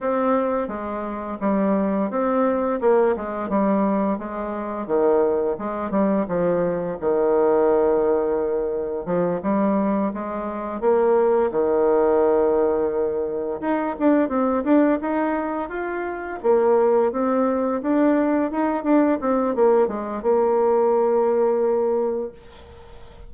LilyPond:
\new Staff \with { instrumentName = "bassoon" } { \time 4/4 \tempo 4 = 86 c'4 gis4 g4 c'4 | ais8 gis8 g4 gis4 dis4 | gis8 g8 f4 dis2~ | dis4 f8 g4 gis4 ais8~ |
ais8 dis2. dis'8 | d'8 c'8 d'8 dis'4 f'4 ais8~ | ais8 c'4 d'4 dis'8 d'8 c'8 | ais8 gis8 ais2. | }